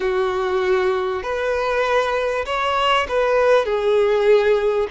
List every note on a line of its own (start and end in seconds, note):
0.00 1.22 F#4
1.22 2.45 B4
2.45 3.06 C#5
3.08 3.65 B4
3.65 4.87 G#4